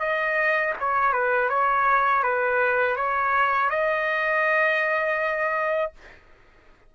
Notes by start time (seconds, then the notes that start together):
0.00 D#5
0.80 C#5
1.13 B4
1.50 C#5
2.24 B4
2.97 C#5
3.70 D#5